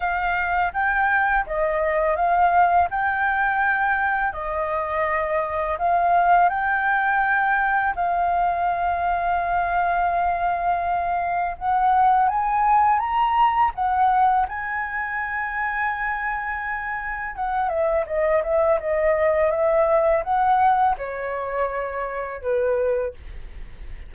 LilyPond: \new Staff \with { instrumentName = "flute" } { \time 4/4 \tempo 4 = 83 f''4 g''4 dis''4 f''4 | g''2 dis''2 | f''4 g''2 f''4~ | f''1 |
fis''4 gis''4 ais''4 fis''4 | gis''1 | fis''8 e''8 dis''8 e''8 dis''4 e''4 | fis''4 cis''2 b'4 | }